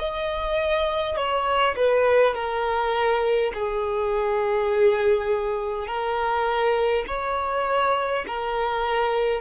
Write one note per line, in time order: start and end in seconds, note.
0.00 1.17 D#5
1.17 1.75 C#5
1.76 2.35 B4
2.35 3.52 A#4
3.55 5.88 G#4
5.88 7.05 A#4
7.08 8.26 C#5
8.28 9.42 A#4